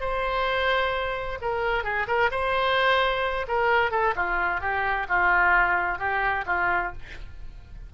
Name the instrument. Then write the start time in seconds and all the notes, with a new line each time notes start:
oboe
0.00 C5
1.41 A#4
1.84 G#4
2.07 A#4
2.31 C5
3.48 A#4
3.91 A4
4.16 F4
4.60 G4
5.09 F4
5.99 G4
6.46 F4